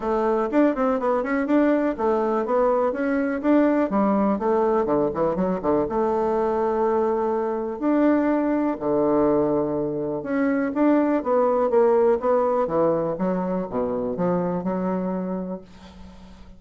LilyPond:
\new Staff \with { instrumentName = "bassoon" } { \time 4/4 \tempo 4 = 123 a4 d'8 c'8 b8 cis'8 d'4 | a4 b4 cis'4 d'4 | g4 a4 d8 e8 fis8 d8 | a1 |
d'2 d2~ | d4 cis'4 d'4 b4 | ais4 b4 e4 fis4 | b,4 f4 fis2 | }